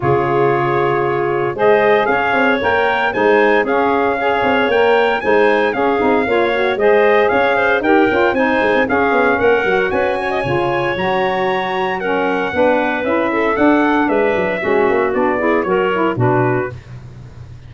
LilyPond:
<<
  \new Staff \with { instrumentName = "trumpet" } { \time 4/4 \tempo 4 = 115 cis''2. dis''4 | f''4 g''4 gis''4 f''4~ | f''4 g''4 gis''4 f''4~ | f''4 dis''4 f''4 g''4 |
gis''4 f''4 fis''4 gis''4~ | gis''4 ais''2 fis''4~ | fis''4 e''4 fis''4 e''4~ | e''4 d''4 cis''4 b'4 | }
  \new Staff \with { instrumentName = "clarinet" } { \time 4/4 gis'2. c''4 | cis''2 c''4 gis'4 | cis''2 c''4 gis'4 | cis''4 c''4 cis''8 c''8 ais'4 |
c''4 gis'4 ais'4 b'8 cis''16 dis''16 | cis''2. ais'4 | b'4. a'4. b'4 | fis'4. gis'8 ais'4 fis'4 | }
  \new Staff \with { instrumentName = "saxophone" } { \time 4/4 f'2. gis'4~ | gis'4 ais'4 dis'4 cis'4 | gis'4 ais'4 dis'4 cis'8 dis'8 | f'8 fis'8 gis'2 g'8 f'8 |
dis'4 cis'4. fis'4. | f'4 fis'2 cis'4 | d'4 e'4 d'2 | cis'4 d'8 e'8 fis'8 e'8 d'4 | }
  \new Staff \with { instrumentName = "tuba" } { \time 4/4 cis2. gis4 | cis'8 c'8 ais4 gis4 cis'4~ | cis'8 c'8 ais4 gis4 cis'8 c'8 | ais4 gis4 cis'4 dis'8 cis'8 |
c'8 gis16 c'16 cis'8 b8 ais8 fis8 cis'4 | cis4 fis2. | b4 cis'4 d'4 gis8 fis8 | gis8 ais8 b4 fis4 b,4 | }
>>